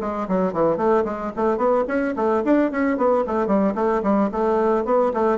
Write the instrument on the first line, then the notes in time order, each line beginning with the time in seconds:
bassoon
0.00 G#3
0.28 F#3
0.53 E3
0.77 A3
1.04 G#3
1.36 A3
1.57 B3
1.87 C#4
2.16 A3
2.44 D4
2.71 C#4
2.97 B3
3.27 A3
3.46 G3
3.74 A3
4.02 G3
4.31 A3
4.85 B3
5.13 A3